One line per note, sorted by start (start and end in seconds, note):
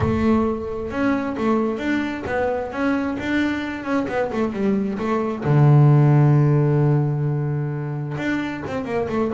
0.00 0.90 A3
0.90 1.36 C#4
1.37 1.78 A3
1.78 2.23 D4
2.26 2.71 B3
2.71 3.17 C#4
3.19 3.83 D4
3.83 4.06 C#4
4.08 4.31 B3
4.32 4.52 A3
4.52 4.98 G3
4.98 5.44 A3
5.44 8.17 D3
8.17 8.62 D4
8.67 8.84 C4
8.84 9.07 A#3
9.08 9.31 A3